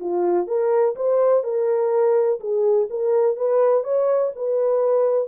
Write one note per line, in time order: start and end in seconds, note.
0.00 0.47 F4
0.47 0.95 A#4
0.96 1.44 C5
1.44 2.40 A#4
2.40 2.88 G#4
2.90 3.36 A#4
3.36 3.84 B4
3.84 4.32 C#5
4.36 5.28 B4